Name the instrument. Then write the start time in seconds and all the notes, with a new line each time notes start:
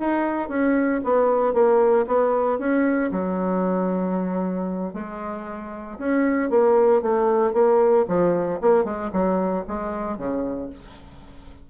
bassoon
0.00 D#4
0.49 C#4
1.04 B3
1.54 A#3
2.07 B3
2.59 C#4
3.12 F#3
4.94 G#3
5.99 C#4
6.50 A#3
7.02 A3
7.54 A#3
8.08 F3
8.61 A#3
8.85 G#3
9.13 F#3
9.68 G#3
10.18 C#3